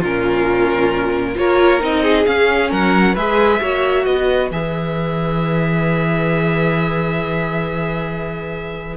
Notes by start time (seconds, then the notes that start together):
0.00 A#2 C#4 F4 A#4
1.35 A#3 F4 A#4 C#5
1.80 C4 D#4 D#5
2.03 G#4
2.26 C#4 F5
2.70 F#3 A#4 F#5
3.14 G#3 G#4 B4 E5
3.61 A#3 F#4 C#5
4.05 B3 B4 D#5
4.51 E3 G#4 E5